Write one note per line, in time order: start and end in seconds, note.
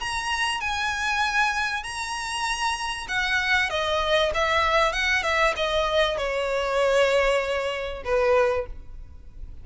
0.00 0.61 A#5
0.61 1.84 G#5
1.84 3.07 A#5
3.08 3.70 F#5
3.70 4.32 D#5
4.34 4.93 E5
4.93 5.23 F#5
5.23 5.54 E5
5.56 6.17 D#5
6.17 8.03 C#5
8.05 8.67 B4